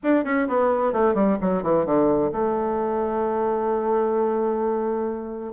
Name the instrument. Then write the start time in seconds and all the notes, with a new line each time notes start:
bassoon
0.03 D4
0.24 C#4
0.48 B3
0.92 A3
1.14 G3
1.40 F#3
1.62 E3
1.85 D3
2.32 A3